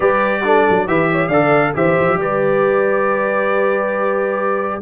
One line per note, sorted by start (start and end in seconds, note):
0.00 0.66 G3
0.00 0.43 G4
0.00 0.44 B4
0.00 0.87 D5
0.43 0.87 D4
0.43 0.88 A4
0.69 0.87 F#3
0.87 1.28 E3
0.87 1.30 G4
0.87 1.11 B4
0.87 1.28 E5
1.11 1.28 C#5
1.28 1.72 D3
1.28 1.74 A4
1.28 1.72 D5
1.28 1.72 F5
1.74 1.97 E3
1.74 4.81 G4
1.74 2.20 C5
1.74 2.20 E5
1.99 2.16 F3
2.16 4.78 G3
2.16 4.82 B4
2.16 4.82 D5